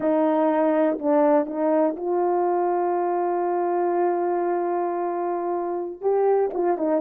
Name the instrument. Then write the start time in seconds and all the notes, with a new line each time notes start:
horn
0.00 D#4
0.98 D4
1.46 D#4
1.96 F4
6.01 G4
6.53 F4
6.77 D#4